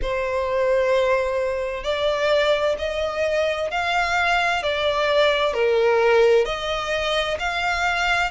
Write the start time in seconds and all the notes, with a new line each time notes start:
0.02 C5
1.83 D5
2.78 D#5
3.70 F5
4.62 D5
5.53 A#4
6.45 D#5
7.38 F5